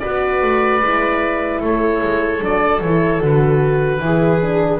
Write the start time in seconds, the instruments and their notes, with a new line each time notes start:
0.00 double bass B3, horn F#4, viola B4, oboe D5
0.42 double bass A3
0.81 double bass G#3, horn E4
1.60 double bass A3, viola A4, oboe C#5
2.03 double bass G#3
2.41 double bass F#3, horn D4, oboe D5
2.81 double bass E3, horn E4, oboe C#5
3.21 double bass D3, horn F#4, oboe B4
4.00 double bass E3, horn E4, viola G#4
4.42 horn D4